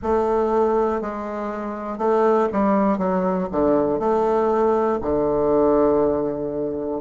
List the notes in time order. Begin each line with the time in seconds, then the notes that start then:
0.02 A3
1.01 G#3
1.98 A3
2.52 G3
2.98 F#3
3.51 D3
3.99 A3
5.01 D3